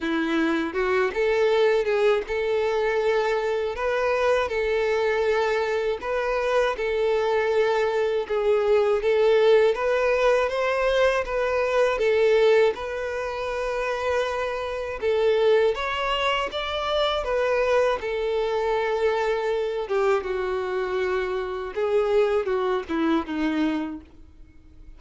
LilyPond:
\new Staff \with { instrumentName = "violin" } { \time 4/4 \tempo 4 = 80 e'4 fis'8 a'4 gis'8 a'4~ | a'4 b'4 a'2 | b'4 a'2 gis'4 | a'4 b'4 c''4 b'4 |
a'4 b'2. | a'4 cis''4 d''4 b'4 | a'2~ a'8 g'8 fis'4~ | fis'4 gis'4 fis'8 e'8 dis'4 | }